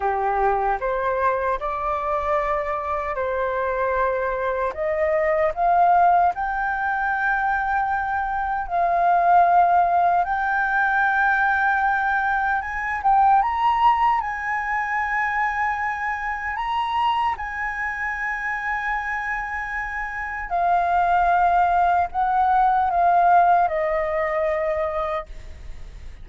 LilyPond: \new Staff \with { instrumentName = "flute" } { \time 4/4 \tempo 4 = 76 g'4 c''4 d''2 | c''2 dis''4 f''4 | g''2. f''4~ | f''4 g''2. |
gis''8 g''8 ais''4 gis''2~ | gis''4 ais''4 gis''2~ | gis''2 f''2 | fis''4 f''4 dis''2 | }